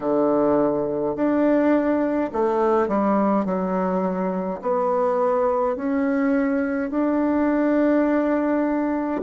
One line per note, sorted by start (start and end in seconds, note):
0.00 1.15 D3
1.15 2.31 D4
2.32 2.88 A3
2.88 3.45 G3
3.45 4.60 F#3
4.62 5.76 B3
5.76 6.90 C#4
6.90 9.21 D4